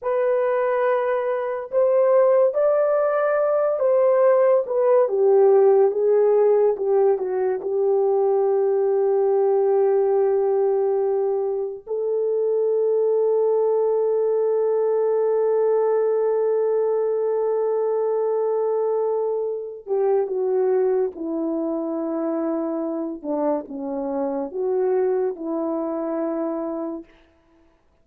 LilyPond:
\new Staff \with { instrumentName = "horn" } { \time 4/4 \tempo 4 = 71 b'2 c''4 d''4~ | d''8 c''4 b'8 g'4 gis'4 | g'8 fis'8 g'2.~ | g'2 a'2~ |
a'1~ | a'2.~ a'8 g'8 | fis'4 e'2~ e'8 d'8 | cis'4 fis'4 e'2 | }